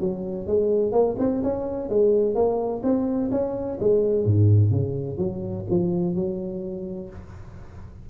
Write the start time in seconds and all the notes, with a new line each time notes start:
0.00 F#3
0.47 G#3
0.92 A#3
1.19 C4
1.43 C#4
1.89 G#3
2.35 A#3
2.83 C4
3.31 C#4
3.80 G#3
4.25 G#2
4.71 C#3
5.18 F#3
5.70 F3
6.15 F#3